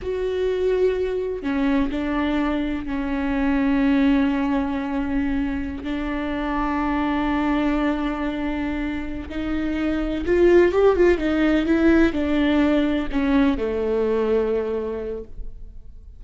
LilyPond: \new Staff \with { instrumentName = "viola" } { \time 4/4 \tempo 4 = 126 fis'2. cis'4 | d'2 cis'2~ | cis'1~ | cis'16 d'2.~ d'8.~ |
d'2.~ d'8 dis'8~ | dis'4. f'4 g'8 f'8 dis'8~ | dis'8 e'4 d'2 cis'8~ | cis'8 a2.~ a8 | }